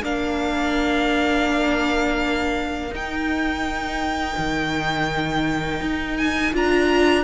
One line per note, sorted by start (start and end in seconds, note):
0.00 2.91 A#3
0.00 2.92 D4
0.00 7.23 A#4
0.00 2.94 F5
2.91 4.36 D#4
2.91 6.54 D#4
2.91 6.17 G5
4.38 5.81 D#3
5.81 6.53 D#4
6.17 6.54 G#5
6.54 7.25 D4
6.54 7.25 F4
6.54 7.25 A#5